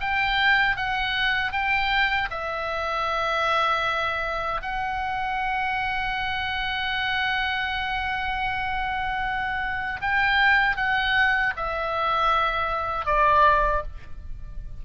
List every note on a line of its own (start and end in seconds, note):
0.00 0.76 G5
0.76 1.52 F#5
1.52 2.29 G5
2.30 4.61 E5
4.62 10.00 F#5
10.01 10.76 G5
10.76 11.53 F#5
11.56 13.05 E5
13.05 13.82 D5